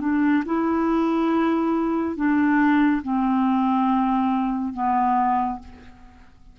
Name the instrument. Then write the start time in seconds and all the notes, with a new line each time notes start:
clarinet
0.00 D4
0.45 E4
2.16 D4
3.02 C4
4.73 B3